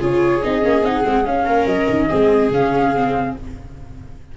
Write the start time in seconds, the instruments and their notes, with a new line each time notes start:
0.00 tuba C#3, viola F4 G#4, flute C#5
0.43 tuba C4, viola D#4, flute D#5
0.62 tuba A#3, viola C#4
0.82 tuba C4, viola D#4, flute F#5
1.04 tuba G#3, viola C4
1.26 viola C#4, tuba C#4, flute F5
1.45 tuba A#3, viola A#4
1.66 tuba F#3, flute D#5
1.89 tuba D#3
2.09 tuba G#3, viola C4 G#4
2.50 tuba C#3, viola C#4, flute F5
2.95 viola C4